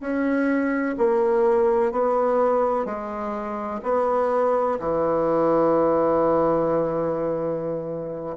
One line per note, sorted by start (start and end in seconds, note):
0.00 0.95 C#4
0.98 1.92 A#3
1.92 2.85 B3
2.85 3.81 G#3
3.83 4.78 B3
4.79 8.36 E3